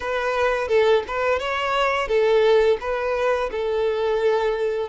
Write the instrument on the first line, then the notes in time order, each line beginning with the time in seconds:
violin
0.00 B4
0.68 A4
1.07 B4
1.39 C#5
2.07 A4
2.80 B4
3.51 A4